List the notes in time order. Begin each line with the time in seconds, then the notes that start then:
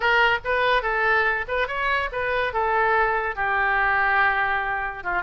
0.00 A#4
0.44 B4
0.82 A4
1.48 B4
1.67 C#5
2.12 B4
2.53 A4
3.35 G4
5.03 F4